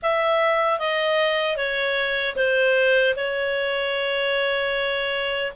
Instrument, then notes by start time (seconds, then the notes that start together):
clarinet
0.02 E5
0.79 D#5
1.56 C#5
2.35 C5
3.16 C#5